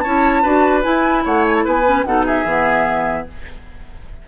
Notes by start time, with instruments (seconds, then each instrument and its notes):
0.00 bassoon C#4, clarinet E4, oboe C#5, flute A5
0.43 bassoon D4, clarinet F#4, oboe B4
0.83 clarinet E4, bassoon E4, flute G#5
1.24 bassoon A3, oboe C#5, flute F#5
1.47 flute G#5
1.55 flute A5
1.64 bassoon B3, oboe B4, flute G#5
1.85 clarinet C#4
2.04 bassoon B2, clarinet D#4, oboe A4, flute F#5
2.26 oboe G#4, flute E5
2.45 bassoon E3, clarinet B3